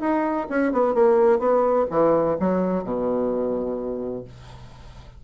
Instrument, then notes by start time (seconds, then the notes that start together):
bassoon
0.00 D#4
0.49 C#4
0.72 B3
0.94 A#3
1.39 B3
1.90 E3
2.40 F#3
2.84 B2